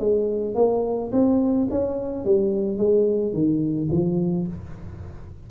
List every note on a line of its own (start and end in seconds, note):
0.00 0.55 G#3
0.55 1.11 A#3
1.12 1.68 C4
1.71 2.25 C#4
2.25 2.78 G3
2.78 3.33 G#3
3.33 3.89 D#3
3.92 4.48 F3